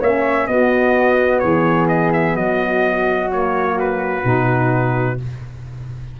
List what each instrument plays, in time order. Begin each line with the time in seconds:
0.00 tuba A#3, saxophone C#4, flute C#5, trumpet E5
0.47 tuba B3, saxophone B3, flute F#4, trumpet D#5
1.39 tuba E3, flute G#4, trumpet C#5
1.88 trumpet D#5
2.13 trumpet E5
2.35 tuba F#3, flute F#4, trumpet D#5
3.30 saxophone A#3, trumpet C#5
3.79 trumpet B4
4.23 tuba B2, saxophone D#4